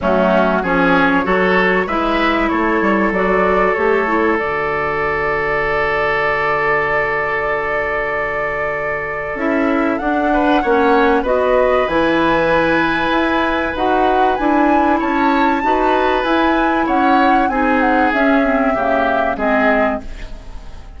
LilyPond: <<
  \new Staff \with { instrumentName = "flute" } { \time 4/4 \tempo 4 = 96 fis'4 cis''2 e''4 | cis''4 d''4 cis''4 d''4~ | d''1~ | d''2. e''4 |
fis''2 dis''4 gis''4~ | gis''2 fis''4 gis''4 | a''2 gis''4 fis''4 | gis''8 fis''8 e''2 dis''4 | }
  \new Staff \with { instrumentName = "oboe" } { \time 4/4 cis'4 gis'4 a'4 b'4 | a'1~ | a'1~ | a'1~ |
a'8 b'8 cis''4 b'2~ | b'1 | cis''4 b'2 cis''4 | gis'2 g'4 gis'4 | }
  \new Staff \with { instrumentName = "clarinet" } { \time 4/4 a4 cis'4 fis'4 e'4~ | e'4 fis'4 g'8 e'8 fis'4~ | fis'1~ | fis'2. e'4 |
d'4 cis'4 fis'4 e'4~ | e'2 fis'4 e'4~ | e'4 fis'4 e'2 | dis'4 cis'8 c'8 ais4 c'4 | }
  \new Staff \with { instrumentName = "bassoon" } { \time 4/4 fis4 f4 fis4 gis4 | a8 g8 fis4 a4 d4~ | d1~ | d2. cis'4 |
d'4 ais4 b4 e4~ | e4 e'4 dis'4 d'4 | cis'4 dis'4 e'4 cis'4 | c'4 cis'4 cis4 gis4 | }
>>